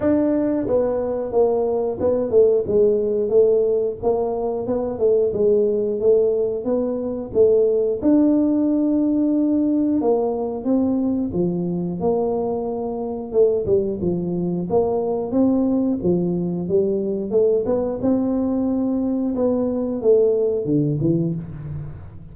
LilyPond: \new Staff \with { instrumentName = "tuba" } { \time 4/4 \tempo 4 = 90 d'4 b4 ais4 b8 a8 | gis4 a4 ais4 b8 a8 | gis4 a4 b4 a4 | d'2. ais4 |
c'4 f4 ais2 | a8 g8 f4 ais4 c'4 | f4 g4 a8 b8 c'4~ | c'4 b4 a4 d8 e8 | }